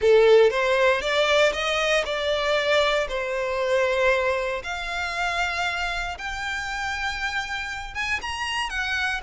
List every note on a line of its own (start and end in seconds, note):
0.01 0.50 A4
0.50 1.01 C5
1.01 1.52 D5
1.52 2.03 D#5
2.05 3.07 D5
3.08 4.62 C5
4.63 6.17 F5
6.17 7.94 G5
7.94 8.20 G#5
8.21 8.69 A#5
8.69 9.21 F#5